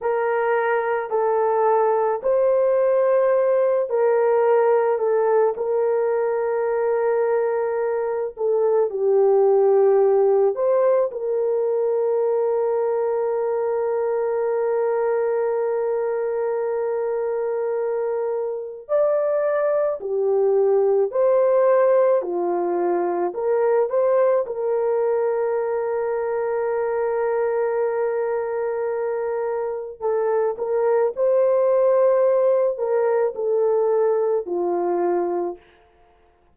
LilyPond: \new Staff \with { instrumentName = "horn" } { \time 4/4 \tempo 4 = 54 ais'4 a'4 c''4. ais'8~ | ais'8 a'8 ais'2~ ais'8 a'8 | g'4. c''8 ais'2~ | ais'1~ |
ais'4 d''4 g'4 c''4 | f'4 ais'8 c''8 ais'2~ | ais'2. a'8 ais'8 | c''4. ais'8 a'4 f'4 | }